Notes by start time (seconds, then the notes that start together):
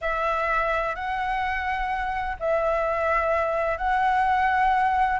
0.01 E5
0.95 F#5
2.39 E5
3.77 F#5